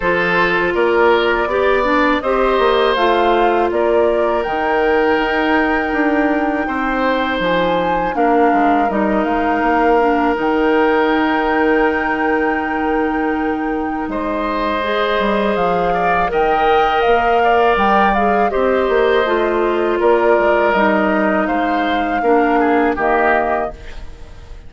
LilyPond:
<<
  \new Staff \with { instrumentName = "flute" } { \time 4/4 \tempo 4 = 81 c''4 d''2 dis''4 | f''4 d''4 g''2~ | g''2 gis''4 f''4 | dis''8 f''4. g''2~ |
g''2. dis''4~ | dis''4 f''4 g''4 f''4 | g''8 f''8 dis''2 d''4 | dis''4 f''2 dis''4 | }
  \new Staff \with { instrumentName = "oboe" } { \time 4/4 a'4 ais'4 d''4 c''4~ | c''4 ais'2.~ | ais'4 c''2 ais'4~ | ais'1~ |
ais'2. c''4~ | c''4. d''8 dis''4. d''8~ | d''4 c''2 ais'4~ | ais'4 c''4 ais'8 gis'8 g'4 | }
  \new Staff \with { instrumentName = "clarinet" } { \time 4/4 f'2 g'8 d'8 g'4 | f'2 dis'2~ | dis'2. d'4 | dis'4. d'8 dis'2~ |
dis'1 | gis'2 ais'2~ | ais'8 gis'8 g'4 f'2 | dis'2 d'4 ais4 | }
  \new Staff \with { instrumentName = "bassoon" } { \time 4/4 f4 ais4 b4 c'8 ais8 | a4 ais4 dis4 dis'4 | d'4 c'4 f4 ais8 gis8 | g8 gis8 ais4 dis2~ |
dis2. gis4~ | gis8 g8 f4 dis4 ais4 | g4 c'8 ais8 a4 ais8 gis8 | g4 gis4 ais4 dis4 | }
>>